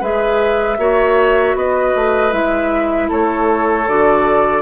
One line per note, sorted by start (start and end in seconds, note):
0.00 0.78 G#3
0.00 0.78 G#4
0.00 0.77 B4
0.00 1.57 E5
0.78 1.54 A#3
0.78 2.31 F#4
0.78 1.56 C#5
1.54 1.93 B3
1.54 3.08 B4
1.54 2.33 D#5
1.95 2.32 A3
2.31 3.09 G#3
2.31 3.84 E4
2.31 3.09 E5
3.08 3.87 A3
3.08 4.62 A4
3.08 3.88 C#5
3.87 4.62 D3
3.87 4.62 F#4
3.87 4.62 D5